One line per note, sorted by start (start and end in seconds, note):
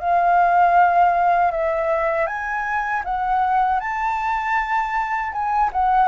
0.00 1.51 F5
1.51 2.26 E5
2.26 3.02 G#5
3.04 3.80 F#5
3.80 5.32 A5
5.32 5.70 G#5
5.72 6.08 F#5